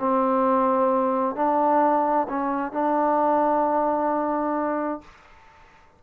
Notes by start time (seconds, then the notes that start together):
0.00 C4
1.36 D4
2.29 C#4
2.73 D4